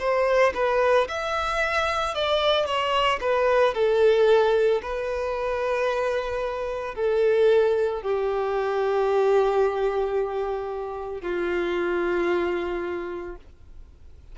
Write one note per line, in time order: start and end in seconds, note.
0.00 0.54 C5
0.55 1.08 B4
1.09 2.15 E5
2.15 2.66 D5
2.66 3.20 C#5
3.21 3.75 B4
3.75 4.82 A4
4.83 6.95 B4
6.95 8.03 A4
8.03 11.22 G4
11.22 13.36 F4